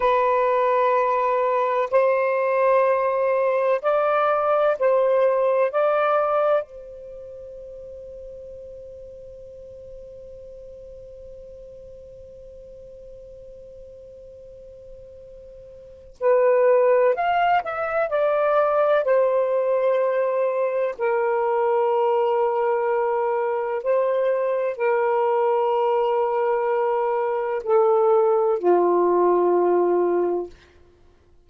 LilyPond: \new Staff \with { instrumentName = "saxophone" } { \time 4/4 \tempo 4 = 63 b'2 c''2 | d''4 c''4 d''4 c''4~ | c''1~ | c''1~ |
c''4 b'4 f''8 e''8 d''4 | c''2 ais'2~ | ais'4 c''4 ais'2~ | ais'4 a'4 f'2 | }